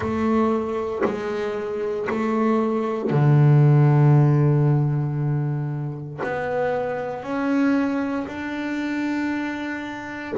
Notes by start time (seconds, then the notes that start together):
0.00 A3
1.04 G#3
2.09 A3
3.10 D3
6.23 B3
7.22 C#4
8.27 D4